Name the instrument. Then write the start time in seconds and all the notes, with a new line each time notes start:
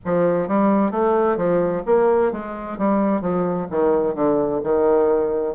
bassoon
0.05 F3
0.47 G3
0.91 A3
1.36 F3
1.85 A#3
2.32 G#3
2.77 G3
3.21 F3
3.70 D#3
4.15 D3
4.63 D#3